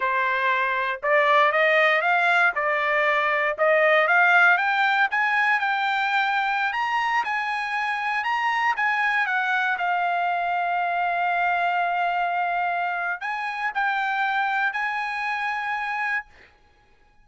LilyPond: \new Staff \with { instrumentName = "trumpet" } { \time 4/4 \tempo 4 = 118 c''2 d''4 dis''4 | f''4 d''2 dis''4 | f''4 g''4 gis''4 g''4~ | g''4~ g''16 ais''4 gis''4.~ gis''16~ |
gis''16 ais''4 gis''4 fis''4 f''8.~ | f''1~ | f''2 gis''4 g''4~ | g''4 gis''2. | }